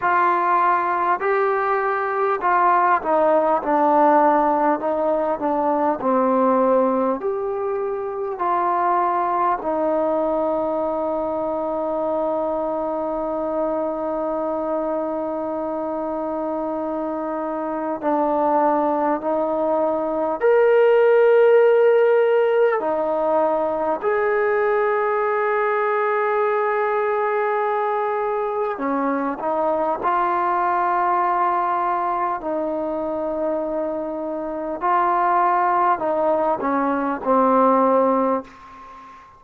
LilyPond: \new Staff \with { instrumentName = "trombone" } { \time 4/4 \tempo 4 = 50 f'4 g'4 f'8 dis'8 d'4 | dis'8 d'8 c'4 g'4 f'4 | dis'1~ | dis'2. d'4 |
dis'4 ais'2 dis'4 | gis'1 | cis'8 dis'8 f'2 dis'4~ | dis'4 f'4 dis'8 cis'8 c'4 | }